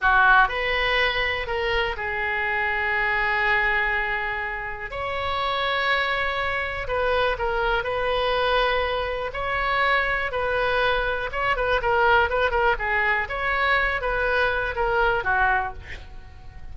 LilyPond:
\new Staff \with { instrumentName = "oboe" } { \time 4/4 \tempo 4 = 122 fis'4 b'2 ais'4 | gis'1~ | gis'2 cis''2~ | cis''2 b'4 ais'4 |
b'2. cis''4~ | cis''4 b'2 cis''8 b'8 | ais'4 b'8 ais'8 gis'4 cis''4~ | cis''8 b'4. ais'4 fis'4 | }